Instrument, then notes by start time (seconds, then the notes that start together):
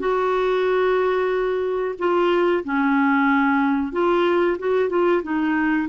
clarinet
0.00 F#4
1.99 F4
2.65 C#4
3.93 F4
4.59 F#4
4.90 F4
5.24 D#4